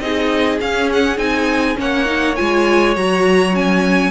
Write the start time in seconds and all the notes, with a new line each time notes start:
0.00 C4 D#4 G#4 D#5
0.61 C#4 F5
0.93 F#5
1.18 C4 D#4 G#5
1.76 A#3 C#4 C#5 F#5
2.06 D#4
2.36 G#3 F4 G#5
2.96 F#3 F#4 A#5
3.53 C#4 G#5